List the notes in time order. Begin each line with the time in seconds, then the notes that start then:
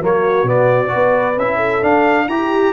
0.00 F#3 A#3 F#4 C#5
0.43 B2 B3 D5
0.88 F#4 B4
0.94 B3
1.36 C#4 E4 E5
1.56 A4
1.82 D4 F5
2.28 E4 G4 A#5